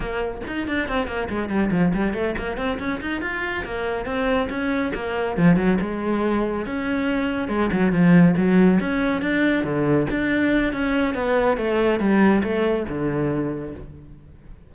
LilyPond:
\new Staff \with { instrumentName = "cello" } { \time 4/4 \tempo 4 = 140 ais4 dis'8 d'8 c'8 ais8 gis8 g8 | f8 g8 a8 ais8 c'8 cis'8 dis'8 f'8~ | f'8 ais4 c'4 cis'4 ais8~ | ais8 f8 fis8 gis2 cis'8~ |
cis'4. gis8 fis8 f4 fis8~ | fis8 cis'4 d'4 d4 d'8~ | d'4 cis'4 b4 a4 | g4 a4 d2 | }